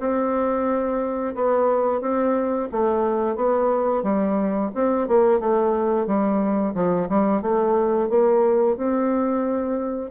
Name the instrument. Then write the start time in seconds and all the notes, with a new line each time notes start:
bassoon
0.00 C4
1.35 B3
2.01 C4
2.72 A3
3.36 B3
4.03 G3
4.75 C4
5.08 A#3
5.40 A3
6.07 G3
6.75 F3
7.09 G3
7.42 A3
8.10 A#3
8.77 C4